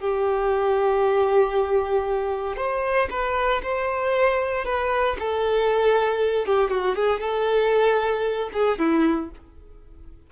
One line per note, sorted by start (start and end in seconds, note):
0.00 2.57 G4
2.57 3.09 C5
3.11 3.62 B4
3.63 4.65 C5
4.65 5.17 B4
5.20 6.46 A4
6.46 6.71 G4
6.71 6.96 F#4
6.96 7.21 G#4
7.21 8.50 A4
8.53 8.79 G#4
8.79 9.31 E4